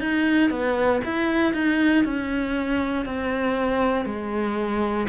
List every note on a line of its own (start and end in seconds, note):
0.00 0.50 D#4
0.50 1.01 B3
1.04 1.53 E4
1.53 2.04 D#4
2.04 3.06 C#4
3.06 4.05 C4
4.05 5.07 G#3